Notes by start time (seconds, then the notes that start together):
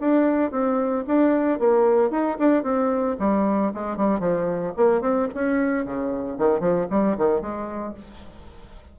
0.00 D4
0.51 C4
1.07 D4
1.59 A#3
2.10 D#4
2.38 D4
2.63 C4
3.19 G3
3.74 G#3
3.97 G3
4.19 F3
4.77 A#3
5.01 C4
5.34 C#4
5.85 C#3
6.38 D#3
6.60 F3
6.90 G3
7.17 D#3
7.41 G#3